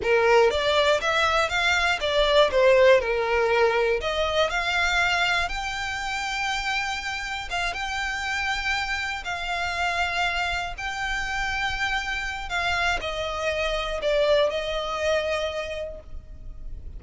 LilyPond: \new Staff \with { instrumentName = "violin" } { \time 4/4 \tempo 4 = 120 ais'4 d''4 e''4 f''4 | d''4 c''4 ais'2 | dis''4 f''2 g''4~ | g''2. f''8 g''8~ |
g''2~ g''8 f''4.~ | f''4. g''2~ g''8~ | g''4 f''4 dis''2 | d''4 dis''2. | }